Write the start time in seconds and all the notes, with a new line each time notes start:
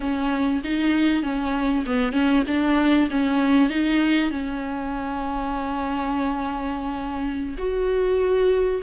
0.00 C#4
0.64 D#4
1.23 C#4
1.86 B3
2.12 C#4
2.47 D4
3.10 C#4
3.69 D#4
4.30 C#4
7.58 F#4